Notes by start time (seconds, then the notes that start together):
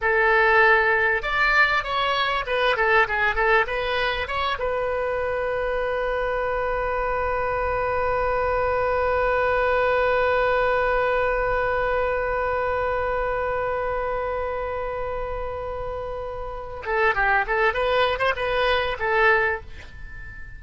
0.01 A4
1.22 D5
1.83 C#5
2.46 B4
2.76 A4
3.07 G#4
3.35 A4
3.67 B4
4.27 C#5
4.58 B4
16.85 A4
17.14 G4
17.47 A4
17.73 B4
18.18 C5
18.35 B4
18.99 A4